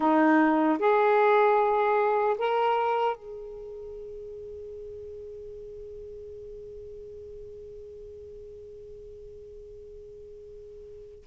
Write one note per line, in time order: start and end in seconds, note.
0.00 0.78 D#4
0.79 2.36 G#4
2.38 3.15 A#4
3.15 11.25 G#4